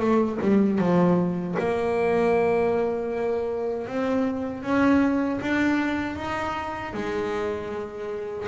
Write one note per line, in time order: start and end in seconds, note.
0.00 0.38 A3
0.42 0.79 G3
0.79 1.56 F3
1.58 3.87 A#3
3.87 4.63 C4
4.63 5.40 C#4
5.41 6.16 D4
6.16 6.93 D#4
6.93 8.47 G#3